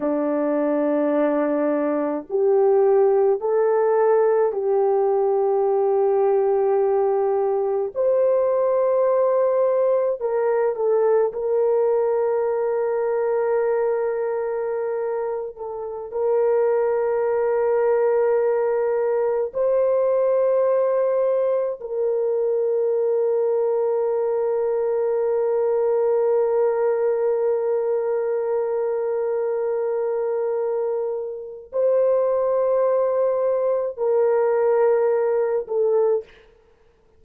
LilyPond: \new Staff \with { instrumentName = "horn" } { \time 4/4 \tempo 4 = 53 d'2 g'4 a'4 | g'2. c''4~ | c''4 ais'8 a'8 ais'2~ | ais'4.~ ais'16 a'8 ais'4.~ ais'16~ |
ais'4~ ais'16 c''2 ais'8.~ | ais'1~ | ais'1 | c''2 ais'4. a'8 | }